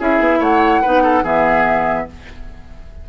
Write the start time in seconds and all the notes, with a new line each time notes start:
0.00 C#4 E4 G#4 E5
0.20 B3
0.40 A3 C#5 F#5
0.82 B3 D#4 B4
1.04 A4
1.24 E3 B3 G#4 E5